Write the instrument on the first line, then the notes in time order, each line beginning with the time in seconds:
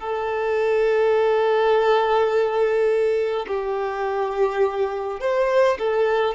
violin
0.00 A4
3.48 G4
5.20 C5
5.79 A4